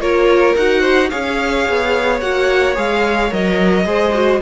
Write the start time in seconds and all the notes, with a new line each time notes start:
0.00 A#3 F4 A#4 C#5
0.57 D#4 F#4 F#5
0.81 C5
1.10 C#4 G#4 C#5 F5
1.69 B3
2.21 A#3 F#4 F#5
2.75 G#3 G#4 F5
3.31 F#3 A#4 D#5
3.85 G#3 G#4 C5
4.14 F#4